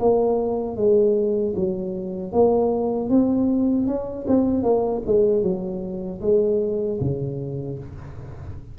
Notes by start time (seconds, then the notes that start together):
0.00 A#3
0.77 G#3
1.57 F#3
2.33 A#3
3.10 C4
3.87 C#4
4.28 C4
4.64 A#3
5.07 G#3
5.43 F#3
6.22 G#3
7.01 C#3